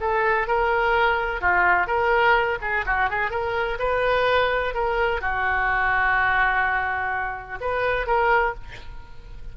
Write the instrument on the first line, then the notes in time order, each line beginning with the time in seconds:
oboe
0.00 A4
0.48 A#4
1.41 F4
1.87 A#4
2.61 G#4
2.86 F#4
3.10 G#4
3.30 A#4
3.79 B4
4.74 A#4
5.21 F#4
7.61 B4
8.06 A#4